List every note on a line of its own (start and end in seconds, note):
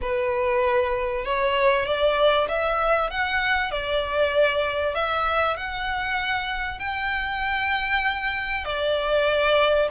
0.01 1.24 B4
1.24 1.85 C#5
1.85 2.47 D5
2.48 3.10 E5
3.10 3.71 F#5
3.71 4.95 D5
4.95 5.56 E5
5.56 6.79 F#5
6.79 8.64 G5
8.65 9.88 D5